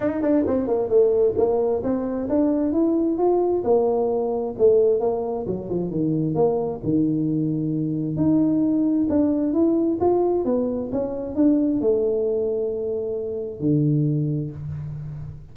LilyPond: \new Staff \with { instrumentName = "tuba" } { \time 4/4 \tempo 4 = 132 dis'8 d'8 c'8 ais8 a4 ais4 | c'4 d'4 e'4 f'4 | ais2 a4 ais4 | fis8 f8 dis4 ais4 dis4~ |
dis2 dis'2 | d'4 e'4 f'4 b4 | cis'4 d'4 a2~ | a2 d2 | }